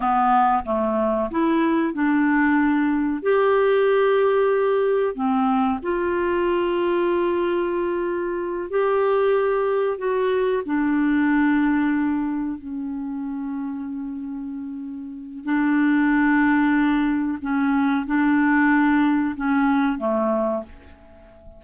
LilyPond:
\new Staff \with { instrumentName = "clarinet" } { \time 4/4 \tempo 4 = 93 b4 a4 e'4 d'4~ | d'4 g'2. | c'4 f'2.~ | f'4. g'2 fis'8~ |
fis'8 d'2. cis'8~ | cis'1 | d'2. cis'4 | d'2 cis'4 a4 | }